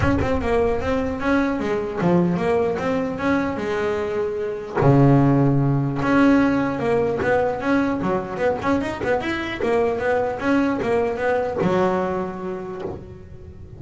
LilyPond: \new Staff \with { instrumentName = "double bass" } { \time 4/4 \tempo 4 = 150 cis'8 c'8 ais4 c'4 cis'4 | gis4 f4 ais4 c'4 | cis'4 gis2. | cis2. cis'4~ |
cis'4 ais4 b4 cis'4 | fis4 b8 cis'8 dis'8 b8 e'4 | ais4 b4 cis'4 ais4 | b4 fis2. | }